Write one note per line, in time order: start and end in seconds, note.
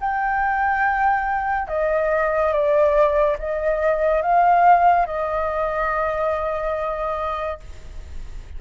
0.00 1.68 G5
1.68 2.52 D#5
2.52 3.37 D5
3.38 4.22 D#5
4.22 5.06 F5
5.06 7.59 D#5